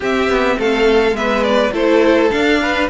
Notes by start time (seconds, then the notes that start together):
0.00 C4 G4 E5
0.28 B3
0.59 A3 A4 F5
1.12 G#3 B3 B4 E5
1.43 D5
1.72 A3 E4 A4 C5
2.30 D4 F5
2.61 B4